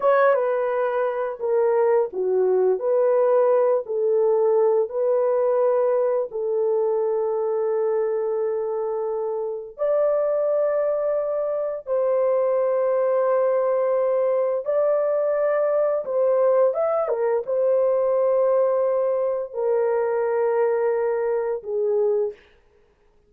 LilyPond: \new Staff \with { instrumentName = "horn" } { \time 4/4 \tempo 4 = 86 cis''8 b'4. ais'4 fis'4 | b'4. a'4. b'4~ | b'4 a'2.~ | a'2 d''2~ |
d''4 c''2.~ | c''4 d''2 c''4 | e''8 ais'8 c''2. | ais'2. gis'4 | }